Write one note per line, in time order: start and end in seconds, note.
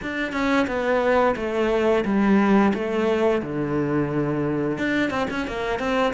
0.02 0.32 D4
0.32 0.66 C#4
0.67 1.35 B3
1.36 2.04 A3
2.05 2.73 G3
2.73 3.42 A3
3.42 4.78 D3
4.78 5.10 D4
5.10 5.27 C4
5.30 5.47 C#4
5.47 5.79 A#3
5.79 6.13 C4